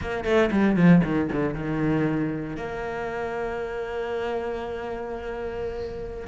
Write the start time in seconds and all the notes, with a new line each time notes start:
0.01 A#3
0.24 A3
0.51 G3
0.76 F3
1.04 D#3
1.31 D3
1.54 D#3
2.56 A#3